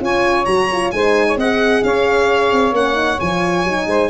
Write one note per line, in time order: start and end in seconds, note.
0.00 0.45 C#4
0.00 0.46 F4
0.00 0.94 C#5
0.00 0.45 G#5
0.45 0.92 F#3
0.45 0.69 F#4
0.45 0.90 A#5
0.72 0.94 F4
0.91 1.36 G#3
0.91 1.39 D#4
0.91 1.27 C5
0.91 1.36 G#5
1.27 1.38 C#5
1.36 1.81 C4
1.36 2.75 G#4
1.36 1.83 D#5
1.36 1.83 F#5
1.83 2.52 C#4
1.83 3.88 C#5
1.83 2.74 F5
2.52 2.71 C4
2.71 3.17 A#3
2.71 2.93 C#4
2.71 3.20 F#5
2.93 3.16 D#4
3.20 3.64 F3
3.20 3.67 F4
3.20 4.10 G#5
3.64 3.86 F#3
3.64 4.10 D#4
3.86 4.09 G#3
3.86 4.10 C5